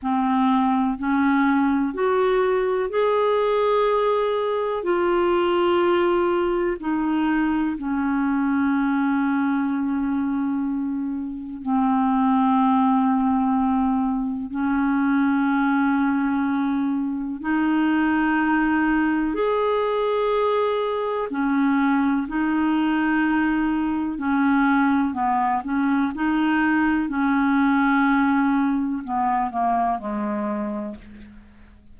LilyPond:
\new Staff \with { instrumentName = "clarinet" } { \time 4/4 \tempo 4 = 62 c'4 cis'4 fis'4 gis'4~ | gis'4 f'2 dis'4 | cis'1 | c'2. cis'4~ |
cis'2 dis'2 | gis'2 cis'4 dis'4~ | dis'4 cis'4 b8 cis'8 dis'4 | cis'2 b8 ais8 gis4 | }